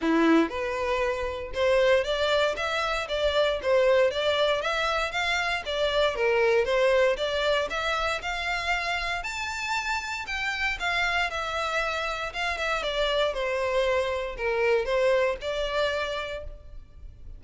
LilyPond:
\new Staff \with { instrumentName = "violin" } { \time 4/4 \tempo 4 = 117 e'4 b'2 c''4 | d''4 e''4 d''4 c''4 | d''4 e''4 f''4 d''4 | ais'4 c''4 d''4 e''4 |
f''2 a''2 | g''4 f''4 e''2 | f''8 e''8 d''4 c''2 | ais'4 c''4 d''2 | }